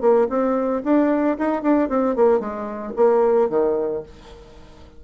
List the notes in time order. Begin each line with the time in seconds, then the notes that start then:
0.00 A#3
0.29 C4
0.83 D4
1.38 D#4
1.62 D4
1.89 C4
2.15 A#3
2.39 G#3
2.96 A#3
3.49 D#3